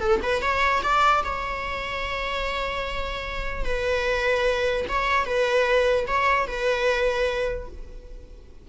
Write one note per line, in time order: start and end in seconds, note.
0.00 0.20 A4
0.22 0.41 B4
0.41 0.82 C#5
0.83 1.23 D5
1.23 3.64 C#5
3.64 4.85 B4
4.89 5.25 C#5
5.25 6.05 B4
6.07 6.47 C#5
6.47 7.68 B4